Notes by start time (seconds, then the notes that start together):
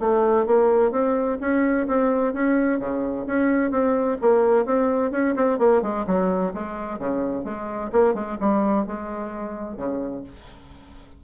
0.00 A3
0.46 A#3
0.92 C4
1.41 C#4
1.88 C4
2.33 C#4
2.80 C#3
3.27 C#4
3.71 C4
4.22 A#3
4.66 C4
5.12 C#4
5.36 C4
5.59 A#3
5.82 G#3
6.07 F#3
6.54 G#3
6.99 C#3
7.44 G#3
7.92 A#3
8.15 G#3
8.40 G3
8.87 G#3
9.77 C#3